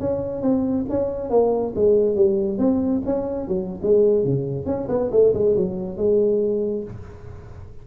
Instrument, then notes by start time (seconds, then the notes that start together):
tuba
0.00 C#4
0.42 C4
0.89 C#4
1.30 A#3
1.75 G#3
2.15 G3
2.58 C4
3.06 C#4
3.48 F#3
3.83 G#3
4.24 C#3
4.66 C#4
4.89 B3
5.12 A3
5.34 G#3
5.56 F#3
5.97 G#3